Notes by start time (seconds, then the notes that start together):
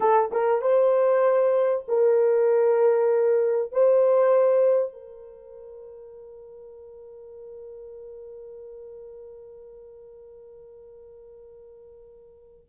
0.00 A4
0.31 A#4
0.61 C5
1.88 A#4
3.72 C5
4.93 A#4